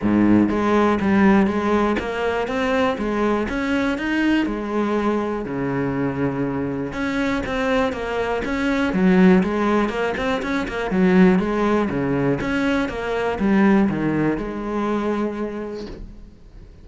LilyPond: \new Staff \with { instrumentName = "cello" } { \time 4/4 \tempo 4 = 121 gis,4 gis4 g4 gis4 | ais4 c'4 gis4 cis'4 | dis'4 gis2 cis4~ | cis2 cis'4 c'4 |
ais4 cis'4 fis4 gis4 | ais8 c'8 cis'8 ais8 fis4 gis4 | cis4 cis'4 ais4 g4 | dis4 gis2. | }